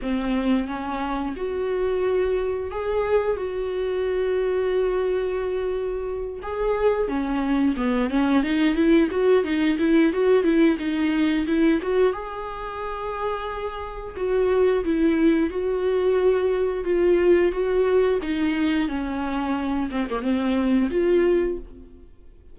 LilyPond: \new Staff \with { instrumentName = "viola" } { \time 4/4 \tempo 4 = 89 c'4 cis'4 fis'2 | gis'4 fis'2.~ | fis'4. gis'4 cis'4 b8 | cis'8 dis'8 e'8 fis'8 dis'8 e'8 fis'8 e'8 |
dis'4 e'8 fis'8 gis'2~ | gis'4 fis'4 e'4 fis'4~ | fis'4 f'4 fis'4 dis'4 | cis'4. c'16 ais16 c'4 f'4 | }